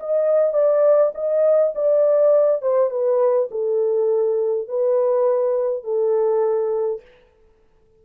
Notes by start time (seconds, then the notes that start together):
0.00 D#5
0.53 D5
1.15 D#5
1.75 D5
2.62 C5
2.90 B4
3.51 A4
4.68 B4
5.84 A4